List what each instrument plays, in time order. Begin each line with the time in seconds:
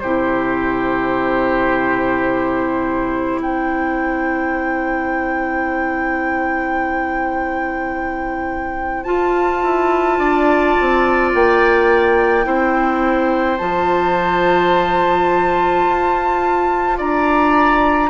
0.00 bassoon C3, clarinet E4, oboe G4, flute C5
3.38 bassoon C4, oboe C5, flute G5
9.04 clarinet F4, bassoon F4, flute A5
9.63 bassoon E4
10.19 bassoon D4, oboe D5
10.81 bassoon C4
11.35 bassoon A#3, flute G5
12.44 bassoon C4, clarinet E4, oboe C5
13.58 bassoon F3, clarinet F4, flute A5
15.87 bassoon F4
16.98 bassoon D4, oboe D5, flute A#5